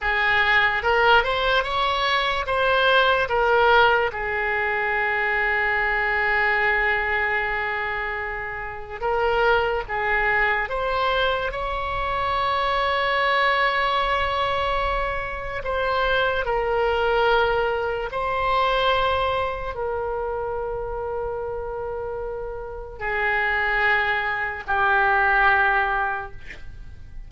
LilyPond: \new Staff \with { instrumentName = "oboe" } { \time 4/4 \tempo 4 = 73 gis'4 ais'8 c''8 cis''4 c''4 | ais'4 gis'2.~ | gis'2. ais'4 | gis'4 c''4 cis''2~ |
cis''2. c''4 | ais'2 c''2 | ais'1 | gis'2 g'2 | }